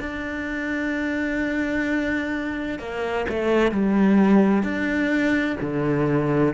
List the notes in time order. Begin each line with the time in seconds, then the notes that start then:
0.00 D4
2.79 A#3
3.29 A3
3.72 G3
4.63 D4
5.61 D3